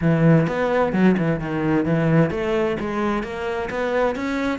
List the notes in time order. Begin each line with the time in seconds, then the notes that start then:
0.01 E3
0.47 B3
0.92 F#3
1.17 E3
1.40 D#3
1.85 E3
2.30 A3
2.79 G#3
3.23 A#3
3.70 B3
4.15 C#4